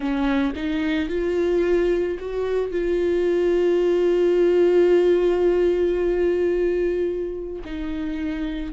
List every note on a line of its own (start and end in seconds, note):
0.00 0.53 C#4
0.55 1.09 D#4
1.09 2.18 F4
2.19 2.71 F#4
2.71 7.62 F4
7.65 8.73 D#4